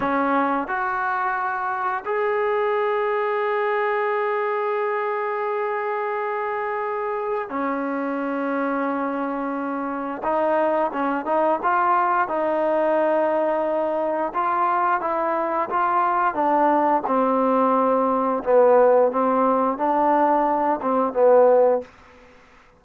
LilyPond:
\new Staff \with { instrumentName = "trombone" } { \time 4/4 \tempo 4 = 88 cis'4 fis'2 gis'4~ | gis'1~ | gis'2. cis'4~ | cis'2. dis'4 |
cis'8 dis'8 f'4 dis'2~ | dis'4 f'4 e'4 f'4 | d'4 c'2 b4 | c'4 d'4. c'8 b4 | }